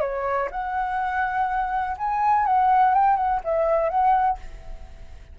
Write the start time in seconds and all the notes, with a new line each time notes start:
0.00 C#5
0.51 F#5
1.98 G#5
2.46 F#5
2.94 G5
3.16 F#5
3.44 E5
3.89 F#5